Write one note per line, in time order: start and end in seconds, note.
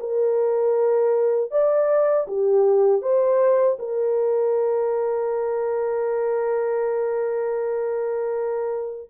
0.00 1.51 A#4
1.51 2.27 D5
2.28 3.02 G4
3.02 3.78 C5
3.79 9.10 A#4